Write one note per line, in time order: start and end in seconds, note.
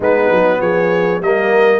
0.00 0.30 G#3
0.00 1.21 B3
0.00 0.59 D#4
0.00 0.60 B4
0.30 0.60 F#3
0.60 1.20 F3
0.60 1.22 G#4
0.60 1.21 C#5
1.20 1.80 G3
1.20 1.80 A#3
1.20 1.80 A#4
1.20 1.80 D#5